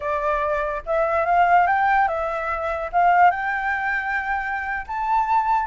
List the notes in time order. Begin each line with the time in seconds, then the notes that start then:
0.00 D5
0.86 E5
1.25 F5
1.66 G5
2.07 E5
2.92 F5
3.30 G5
4.87 A5